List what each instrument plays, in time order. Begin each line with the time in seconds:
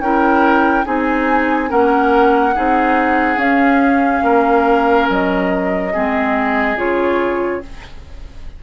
0.00 bassoon C#4, clarinet E4, oboe A#4, flute G5
0.85 bassoon C4, clarinet D#4, oboe G#4, flute G#5
1.69 bassoon A#3, clarinet C#4, oboe A#4, flute F#5
2.55 bassoon C4, clarinet D#4, oboe G#4
3.37 bassoon C#4, clarinet C#4, flute F5
4.23 bassoon A#3, oboe A#4
5.10 bassoon F#3, flute D#5
5.93 bassoon G#3, clarinet C4, oboe G#4
6.77 bassoon C#3, clarinet F4, flute C#5